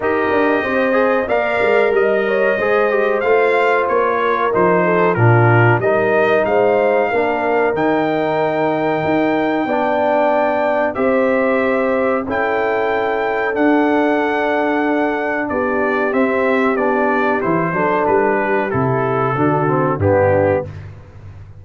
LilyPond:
<<
  \new Staff \with { instrumentName = "trumpet" } { \time 4/4 \tempo 4 = 93 dis''2 f''4 dis''4~ | dis''4 f''4 cis''4 c''4 | ais'4 dis''4 f''2 | g''1~ |
g''4 e''2 g''4~ | g''4 fis''2. | d''4 e''4 d''4 c''4 | b'4 a'2 g'4 | }
  \new Staff \with { instrumentName = "horn" } { \time 4/4 ais'4 c''4 d''4 dis''8 cis''8 | c''2~ c''8 ais'4 a'8 | f'4 ais'4 c''4 ais'4~ | ais'2. d''4~ |
d''4 c''2 a'4~ | a'1 | g'2.~ g'8 a'8~ | a'8 g'4. fis'4 d'4 | }
  \new Staff \with { instrumentName = "trombone" } { \time 4/4 g'4. gis'8 ais'2 | gis'8 g'8 f'2 dis'4 | d'4 dis'2 d'4 | dis'2. d'4~ |
d'4 g'2 e'4~ | e'4 d'2.~ | d'4 c'4 d'4 e'8 d'8~ | d'4 e'4 d'8 c'8 b4 | }
  \new Staff \with { instrumentName = "tuba" } { \time 4/4 dis'8 d'8 c'4 ais8 gis8 g4 | gis4 a4 ais4 f4 | ais,4 g4 gis4 ais4 | dis2 dis'4 b4~ |
b4 c'2 cis'4~ | cis'4 d'2. | b4 c'4 b4 e8 fis8 | g4 c4 d4 g,4 | }
>>